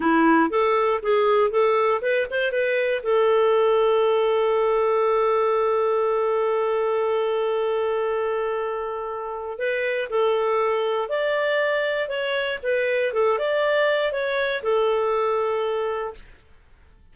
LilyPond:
\new Staff \with { instrumentName = "clarinet" } { \time 4/4 \tempo 4 = 119 e'4 a'4 gis'4 a'4 | b'8 c''8 b'4 a'2~ | a'1~ | a'1~ |
a'2. b'4 | a'2 d''2 | cis''4 b'4 a'8 d''4. | cis''4 a'2. | }